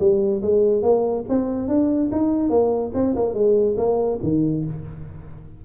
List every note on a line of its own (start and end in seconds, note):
0.00 0.42 G3
0.42 0.83 G#3
0.83 1.25 A#3
1.29 1.69 C4
1.69 2.11 D4
2.12 2.50 D#4
2.50 2.92 A#3
2.94 3.15 C4
3.16 3.35 A#3
3.35 3.76 G#3
3.78 4.20 A#3
4.23 4.65 D#3